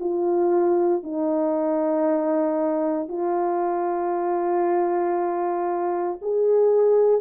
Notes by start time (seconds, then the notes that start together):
0.00 F4
1.03 D#4
3.08 F4
6.22 G#4